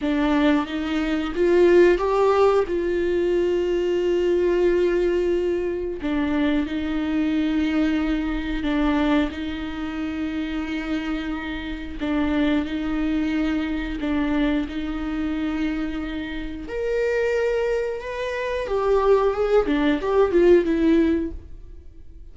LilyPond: \new Staff \with { instrumentName = "viola" } { \time 4/4 \tempo 4 = 90 d'4 dis'4 f'4 g'4 | f'1~ | f'4 d'4 dis'2~ | dis'4 d'4 dis'2~ |
dis'2 d'4 dis'4~ | dis'4 d'4 dis'2~ | dis'4 ais'2 b'4 | g'4 gis'8 d'8 g'8 f'8 e'4 | }